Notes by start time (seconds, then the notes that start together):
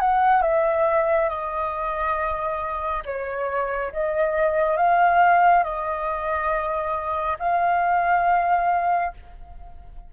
0.00 F#5
0.42 E5
1.29 D#5
3.05 C#5
3.92 D#5
4.77 F5
5.64 D#5
7.39 F5